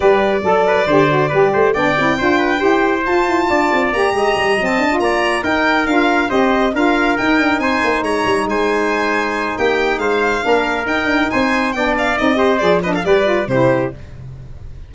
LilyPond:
<<
  \new Staff \with { instrumentName = "violin" } { \time 4/4 \tempo 4 = 138 d''1 | g''2. a''4~ | a''4 ais''4.~ ais''16 a''8. ais''8~ | ais''8 g''4 f''4 dis''4 f''8~ |
f''8 g''4 gis''4 ais''4 gis''8~ | gis''2 g''4 f''4~ | f''4 g''4 gis''4 g''8 f''8 | dis''4 d''8 dis''16 f''16 d''4 c''4 | }
  \new Staff \with { instrumentName = "trumpet" } { \time 4/4 b'4 a'8 b'8 c''4 b'8 c''8 | d''4 c''8 b'8 c''2 | d''4. dis''2 d''8~ | d''8 ais'2 c''4 ais'8~ |
ais'4. c''4 cis''4 c''8~ | c''2 g'4 c''4 | ais'2 c''4 d''4~ | d''8 c''4 b'16 a'16 b'4 g'4 | }
  \new Staff \with { instrumentName = "saxophone" } { \time 4/4 g'4 a'4 g'8 fis'8 g'4 | d'8 e'8 f'4 g'4 f'4~ | f'4 g'4. c'8. f'8.~ | f'8 dis'4 f'4 g'4 f'8~ |
f'8 dis'2.~ dis'8~ | dis'1 | d'4 dis'2 d'4 | dis'8 g'8 gis'8 d'8 g'8 f'8 e'4 | }
  \new Staff \with { instrumentName = "tuba" } { \time 4/4 g4 fis4 d4 g8 a8 | b8 c'8 d'4 e'4 f'8 e'8 | d'8 c'8 ais8 gis8 g8 fis8 d'8 ais8~ | ais8 dis'4 d'4 c'4 d'8~ |
d'8 dis'8 d'8 c'8 ais8 gis8 g8 gis8~ | gis2 ais4 gis4 | ais4 dis'8 d'8 c'4 b4 | c'4 f4 g4 c4 | }
>>